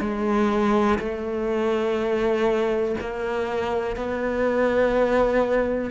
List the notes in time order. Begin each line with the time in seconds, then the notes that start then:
0.00 G#3
0.99 A3
3.00 A#3
3.96 B3